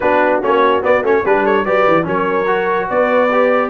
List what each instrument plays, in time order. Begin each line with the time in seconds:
0.00 tuba B3, trombone D4, horn F#4, trumpet B4
0.42 tuba A#3, trombone C#4, trumpet C#5
0.82 trombone B3, tuba B3, trumpet D5
1.02 tuba A3, trombone C#4, trumpet C#5
1.25 tuba G3, trombone D4, horn G4, trumpet B4
1.44 horn A4, trumpet C#5
1.65 tuba F#3, trombone G4, horn B4, trumpet D5
1.87 tuba E3
2.03 tuba F#3, trombone C#4, horn A#4, trumpet C#5
2.46 trombone F#4
2.87 tuba B3, horn B4, trumpet D5
3.31 trombone G4